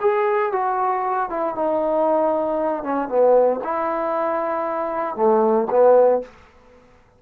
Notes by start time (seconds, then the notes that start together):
0.00 G#4
0.52 F#4
1.30 E4
1.55 D#4
2.83 C#4
3.08 B3
3.63 E4
5.16 A3
5.70 B3